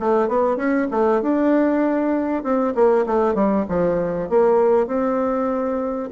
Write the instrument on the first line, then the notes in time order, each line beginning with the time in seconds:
bassoon
0.00 A3
0.28 B3
0.57 C#4
0.92 A3
1.22 D4
2.44 C4
2.75 A#3
3.07 A3
3.35 G3
3.69 F3
4.30 A#3
4.87 C4